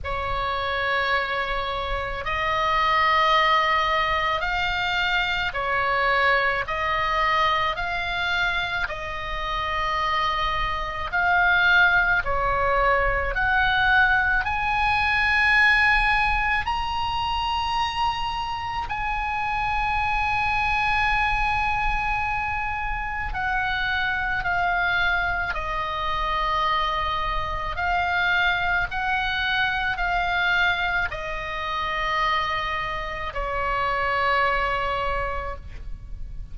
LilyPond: \new Staff \with { instrumentName = "oboe" } { \time 4/4 \tempo 4 = 54 cis''2 dis''2 | f''4 cis''4 dis''4 f''4 | dis''2 f''4 cis''4 | fis''4 gis''2 ais''4~ |
ais''4 gis''2.~ | gis''4 fis''4 f''4 dis''4~ | dis''4 f''4 fis''4 f''4 | dis''2 cis''2 | }